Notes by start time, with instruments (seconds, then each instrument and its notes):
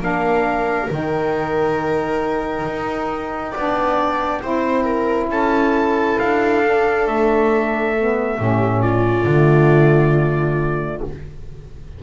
0.00 double bass A#3, saxophone D4, viola A#4, trumpet F5
0.91 double bass D#3, saxophone D#4, trumpet G5
2.66 double bass D#4
3.52 double bass B3, saxophone D4, viola D5
4.42 double bass C4, saxophone E4, viola C5
4.84 viola A#4
5.29 double bass C#4, viola A4, trumpet A5
6.19 double bass D4, trumpet F5
6.63 saxophone D4
7.07 double bass A3, trumpet E5
7.99 saxophone B3
8.38 double bass A2, saxophone C#4, viola G4
8.82 viola F4, trumpet D5
9.25 double bass D3, saxophone A3